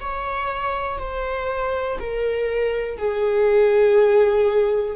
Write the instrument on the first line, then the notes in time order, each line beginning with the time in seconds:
viola
0.00 C#5
0.99 C5
2.00 A#4
2.98 G#4